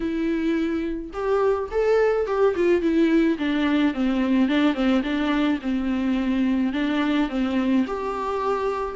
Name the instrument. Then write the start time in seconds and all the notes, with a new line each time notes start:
viola
0.00 E4
1.13 G4
1.71 A4
2.26 G4
2.55 F4
2.81 E4
3.38 D4
3.94 C4
4.48 D4
4.74 C4
5.03 D4
5.61 C4
6.73 D4
7.29 C4
7.87 G4